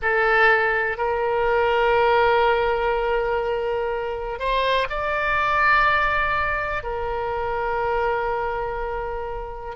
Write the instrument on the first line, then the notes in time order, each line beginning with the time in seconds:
oboe
0.02 A4
0.97 A#4
4.39 C5
4.89 D5
6.83 A#4